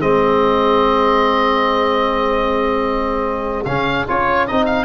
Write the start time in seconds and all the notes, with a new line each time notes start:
0.00 G#3 C4 G#4 D#5
3.65 C#3 C#4 F5
4.08 C#4 F4 C#5
4.47 C4 D#4 D#5
4.65 F5